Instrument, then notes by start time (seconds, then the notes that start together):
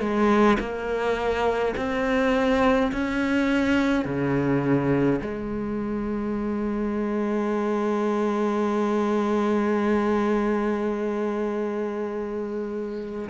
cello
0.00 G#3
0.59 A#3
1.77 C4
2.92 C#4
4.05 C#3
5.21 G#3